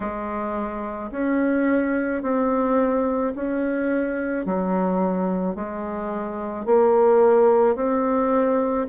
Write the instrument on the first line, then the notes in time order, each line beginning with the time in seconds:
bassoon
0.00 G#3
1.11 C#4
2.22 C4
3.35 C#4
4.45 F#3
5.55 G#3
6.65 A#3
7.75 C4